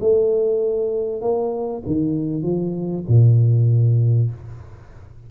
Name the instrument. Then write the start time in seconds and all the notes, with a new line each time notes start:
tuba
0.00 A3
1.22 A#3
1.86 D#3
2.43 F3
3.08 A#2